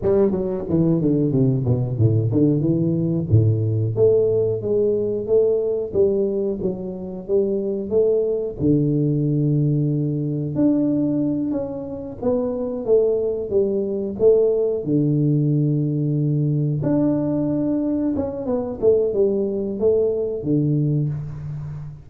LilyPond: \new Staff \with { instrumentName = "tuba" } { \time 4/4 \tempo 4 = 91 g8 fis8 e8 d8 c8 b,8 a,8 d8 | e4 a,4 a4 gis4 | a4 g4 fis4 g4 | a4 d2. |
d'4. cis'4 b4 a8~ | a8 g4 a4 d4.~ | d4. d'2 cis'8 | b8 a8 g4 a4 d4 | }